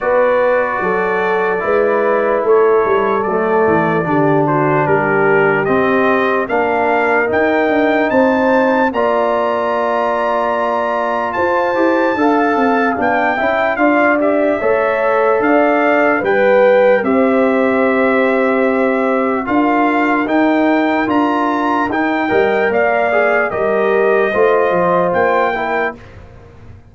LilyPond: <<
  \new Staff \with { instrumentName = "trumpet" } { \time 4/4 \tempo 4 = 74 d''2. cis''4 | d''4. c''8 ais'4 dis''4 | f''4 g''4 a''4 ais''4~ | ais''2 a''2 |
g''4 f''8 e''4. f''4 | g''4 e''2. | f''4 g''4 ais''4 g''4 | f''4 dis''2 g''4 | }
  \new Staff \with { instrumentName = "horn" } { \time 4/4 b'4 a'4 b'4 a'4~ | a'4 g'8 fis'8 g'2 | ais'2 c''4 d''4~ | d''2 c''4 f''4~ |
f''8 e''8 d''4 cis''4 d''4 | b'4 c''2. | ais'2.~ ais'8 dis''8 | d''4 ais'4 c''4. ais'8 | }
  \new Staff \with { instrumentName = "trombone" } { \time 4/4 fis'2 e'2 | a4 d'2 c'4 | d'4 dis'2 f'4~ | f'2~ f'8 g'8 a'4 |
d'8 e'8 f'8 g'8 a'2 | b'4 g'2. | f'4 dis'4 f'4 dis'8 ais'8~ | ais'8 gis'8 g'4 f'4. e'8 | }
  \new Staff \with { instrumentName = "tuba" } { \time 4/4 b4 fis4 gis4 a8 g8 | fis8 e8 d4 g4 c'4 | ais4 dis'8 d'8 c'4 ais4~ | ais2 f'8 e'8 d'8 c'8 |
b8 cis'8 d'4 a4 d'4 | g4 c'2. | d'4 dis'4 d'4 dis'8 g8 | ais4 g4 a8 f8 ais4 | }
>>